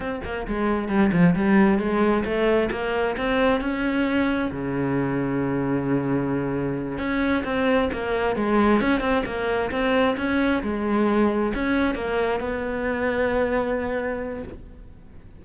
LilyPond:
\new Staff \with { instrumentName = "cello" } { \time 4/4 \tempo 4 = 133 c'8 ais8 gis4 g8 f8 g4 | gis4 a4 ais4 c'4 | cis'2 cis2~ | cis2.~ cis8 cis'8~ |
cis'8 c'4 ais4 gis4 cis'8 | c'8 ais4 c'4 cis'4 gis8~ | gis4. cis'4 ais4 b8~ | b1 | }